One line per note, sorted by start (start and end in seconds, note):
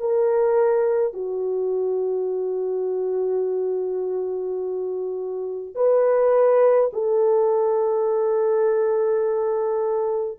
0.00 1.14 A#4
1.14 5.75 F#4
5.75 6.91 B4
6.93 10.39 A4